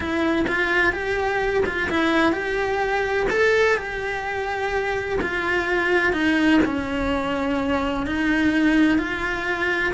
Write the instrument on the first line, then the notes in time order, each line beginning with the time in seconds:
cello
0.00 E4
0.47 F4
0.92 G4
1.65 F4
1.89 E4
2.32 G4
3.29 A4
3.77 G4
5.21 F4
6.12 D#4
6.65 C#4
8.06 D#4
8.98 F4